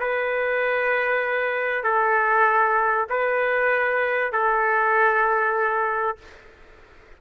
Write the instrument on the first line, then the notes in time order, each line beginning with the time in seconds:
trumpet
0.00 B4
1.84 A4
3.10 B4
4.32 A4